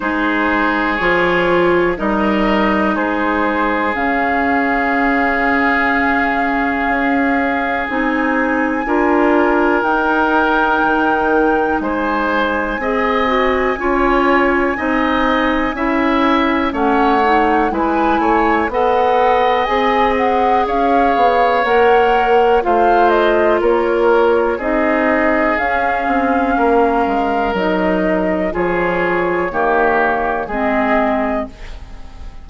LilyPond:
<<
  \new Staff \with { instrumentName = "flute" } { \time 4/4 \tempo 4 = 61 c''4 cis''4 dis''4 c''4 | f''1 | gis''2 g''2 | gis''1~ |
gis''4 fis''4 gis''4 fis''4 | gis''8 fis''8 f''4 fis''4 f''8 dis''8 | cis''4 dis''4 f''2 | dis''4 cis''2 dis''4 | }
  \new Staff \with { instrumentName = "oboe" } { \time 4/4 gis'2 ais'4 gis'4~ | gis'1~ | gis'4 ais'2. | c''4 dis''4 cis''4 dis''4 |
e''4 cis''4 b'8 cis''8 dis''4~ | dis''4 cis''2 c''4 | ais'4 gis'2 ais'4~ | ais'4 gis'4 g'4 gis'4 | }
  \new Staff \with { instrumentName = "clarinet" } { \time 4/4 dis'4 f'4 dis'2 | cis'1 | dis'4 f'4 dis'2~ | dis'4 gis'8 fis'8 f'4 dis'4 |
e'4 cis'8 dis'8 e'4 a'4 | gis'2 ais'4 f'4~ | f'4 dis'4 cis'2 | dis'4 f'4 ais4 c'4 | }
  \new Staff \with { instrumentName = "bassoon" } { \time 4/4 gis4 f4 g4 gis4 | cis2. cis'4 | c'4 d'4 dis'4 dis4 | gis4 c'4 cis'4 c'4 |
cis'4 a4 gis8 a8 b4 | c'4 cis'8 b8 ais4 a4 | ais4 c'4 cis'8 c'8 ais8 gis8 | fis4 f4 dis4 gis4 | }
>>